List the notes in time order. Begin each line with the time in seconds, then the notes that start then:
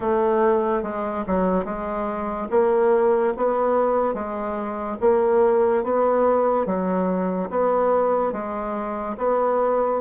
0.00 A3
0.83 G#3
1.27 F#3
1.64 G#3
2.50 A#3
3.36 B3
4.14 G#3
5.00 A#3
5.83 B3
6.66 F#3
7.50 B3
8.32 G#3
9.17 B3